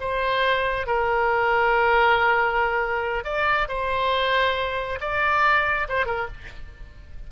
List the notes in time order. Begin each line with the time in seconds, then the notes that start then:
0.00 C5
0.87 A#4
3.24 D5
3.68 C5
5.00 D5
5.88 C5
6.05 A#4